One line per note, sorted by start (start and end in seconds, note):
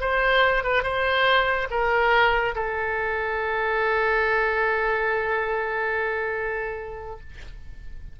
0.00 0.63 C5
0.63 0.83 B4
0.83 1.68 C5
1.70 2.55 A#4
2.55 7.20 A4